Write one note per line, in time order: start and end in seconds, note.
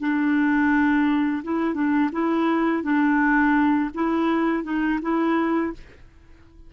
0.00 1.43 D4
1.44 1.75 E4
1.75 2.10 D4
2.12 2.83 E4
2.83 3.91 D4
3.94 4.64 E4
4.64 5.00 D#4
5.02 5.73 E4